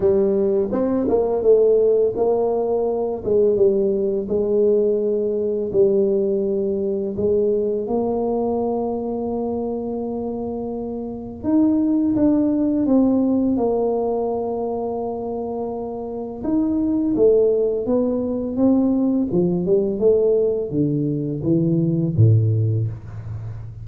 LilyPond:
\new Staff \with { instrumentName = "tuba" } { \time 4/4 \tempo 4 = 84 g4 c'8 ais8 a4 ais4~ | ais8 gis8 g4 gis2 | g2 gis4 ais4~ | ais1 |
dis'4 d'4 c'4 ais4~ | ais2. dis'4 | a4 b4 c'4 f8 g8 | a4 d4 e4 a,4 | }